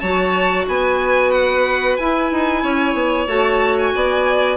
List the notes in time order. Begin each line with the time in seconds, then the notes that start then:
0.00 F#3 F#4 C#5 A5
0.68 B3 B4 G#5
1.31 F#5
1.97 E4 G#5
2.31 D#4
2.63 C#4 C#5
2.94 B3
3.27 A3 F#4 A5
3.78 G#5
3.95 B3 D5